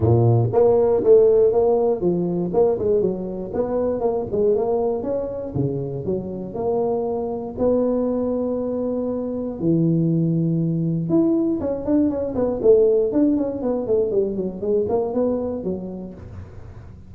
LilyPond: \new Staff \with { instrumentName = "tuba" } { \time 4/4 \tempo 4 = 119 ais,4 ais4 a4 ais4 | f4 ais8 gis8 fis4 b4 | ais8 gis8 ais4 cis'4 cis4 | fis4 ais2 b4~ |
b2. e4~ | e2 e'4 cis'8 d'8 | cis'8 b8 a4 d'8 cis'8 b8 a8 | g8 fis8 gis8 ais8 b4 fis4 | }